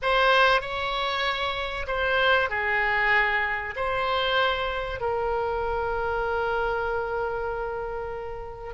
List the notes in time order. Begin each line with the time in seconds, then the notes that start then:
0.01 C5
0.61 C#5
1.87 C5
2.49 G#4
3.76 C5
5.00 A#4